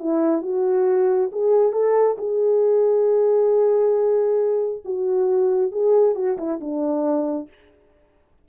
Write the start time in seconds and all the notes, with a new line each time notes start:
0.00 E4
0.43 F#4
1.32 G#4
1.73 A4
2.18 G#4
4.85 F#4
5.72 G#4
6.15 F#4
6.38 E4
6.60 D4